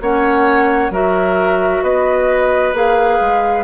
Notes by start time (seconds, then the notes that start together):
0.00 A#3 C#4 C#5 F#5
0.90 F#3 F#4 A#4 E5
1.82 B3 B4 D#5
2.73 A#3 G#4 F5
3.20 G#3